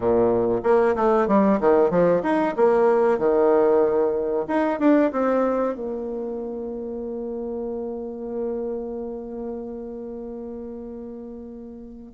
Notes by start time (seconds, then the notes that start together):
0.00 A#2
0.63 A#3
0.95 A3
1.27 G3
1.60 D#3
1.90 F3
2.22 D#4
2.56 A#3
3.18 D#3
4.47 D#4
4.79 D4
5.12 C4
5.74 A#3